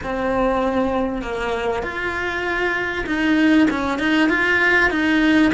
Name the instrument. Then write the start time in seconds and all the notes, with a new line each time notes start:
cello
0.03 C4
1.22 A#3
1.82 F4
3.06 D#4
3.70 C#4
3.98 D#4
4.29 F4
4.90 D#4